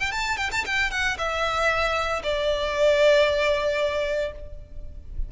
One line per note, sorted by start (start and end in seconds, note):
0.00 0.11 G5
0.11 0.37 A5
0.37 0.50 G5
0.51 0.65 A5
0.65 0.91 G5
0.91 1.17 F#5
1.18 2.22 E5
2.23 4.32 D5